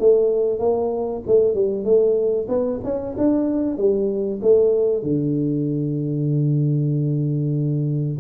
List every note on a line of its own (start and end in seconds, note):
0.00 0.60 A3
0.60 1.23 A#3
1.27 1.55 A3
1.55 1.85 G3
1.85 2.48 A3
2.49 2.80 B3
2.84 3.16 C#4
3.18 3.78 D4
3.78 4.41 G3
4.42 5.03 A3
5.03 8.19 D3